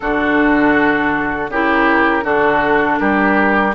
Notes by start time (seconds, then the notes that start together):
0.00 D3 D4 F#4 A4
1.49 C#3 E4 G4 A#4
2.22 D3 D4 F#4 A4
2.98 G3 G4 A#4